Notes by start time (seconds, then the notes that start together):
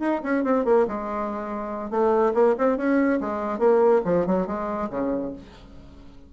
0.00 D#4
0.23 C#4
0.44 C4
0.65 A#3
0.88 G#3
1.91 A3
2.34 A#3
2.58 C4
2.77 C#4
3.21 G#3
3.59 A#3
4.05 F3
4.26 F#3
4.47 G#3
4.90 C#3